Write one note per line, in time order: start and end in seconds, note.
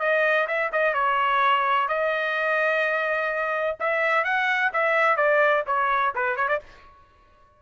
0.00 0.47 D#5
0.48 0.72 E5
0.73 0.94 D#5
0.94 1.89 C#5
1.89 3.78 D#5
3.80 4.24 E5
4.24 4.72 F#5
4.74 5.17 E5
5.17 5.64 D5
5.67 6.14 C#5
6.15 6.37 B4
6.37 6.49 C#5
6.49 6.60 D5